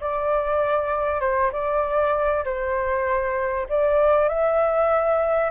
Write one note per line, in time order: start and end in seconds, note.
0.00 1.20 D5
1.20 1.51 C5
1.52 2.44 D5
2.44 3.67 C5
3.69 4.29 D5
4.29 5.50 E5